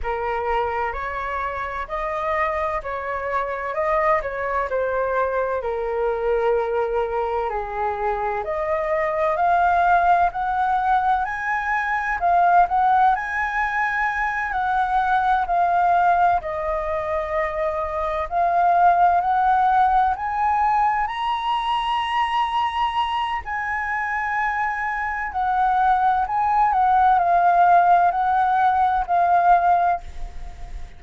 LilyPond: \new Staff \with { instrumentName = "flute" } { \time 4/4 \tempo 4 = 64 ais'4 cis''4 dis''4 cis''4 | dis''8 cis''8 c''4 ais'2 | gis'4 dis''4 f''4 fis''4 | gis''4 f''8 fis''8 gis''4. fis''8~ |
fis''8 f''4 dis''2 f''8~ | f''8 fis''4 gis''4 ais''4.~ | ais''4 gis''2 fis''4 | gis''8 fis''8 f''4 fis''4 f''4 | }